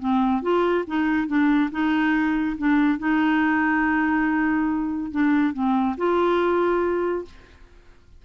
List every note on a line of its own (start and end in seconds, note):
0.00 0.43 C4
0.43 0.85 F4
0.87 1.28 D#4
1.28 1.70 D4
1.72 2.57 D#4
2.58 2.99 D4
2.99 5.12 D#4
5.12 5.54 D4
5.54 5.97 C4
5.98 7.26 F4